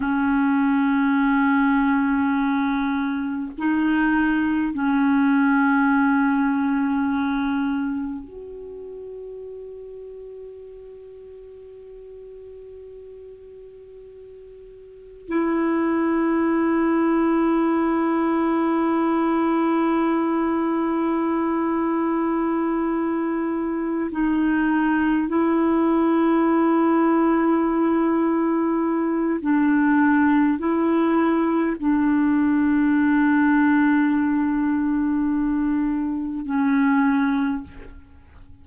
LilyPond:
\new Staff \with { instrumentName = "clarinet" } { \time 4/4 \tempo 4 = 51 cis'2. dis'4 | cis'2. fis'4~ | fis'1~ | fis'4 e'2.~ |
e'1~ | e'8 dis'4 e'2~ e'8~ | e'4 d'4 e'4 d'4~ | d'2. cis'4 | }